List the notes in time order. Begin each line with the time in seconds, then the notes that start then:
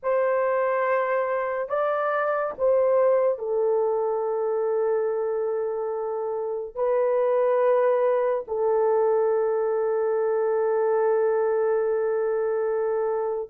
0.02 C5
1.68 D5
2.58 C5
3.38 A4
6.75 B4
8.47 A4